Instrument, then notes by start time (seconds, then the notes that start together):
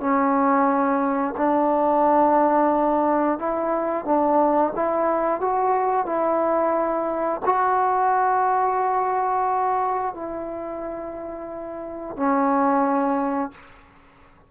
trombone
0.00 C#4
1.37 D4
3.38 E4
4.05 D4
4.75 E4
5.41 F#4
6.06 E4
7.45 F#4
10.14 E4
12.16 C#4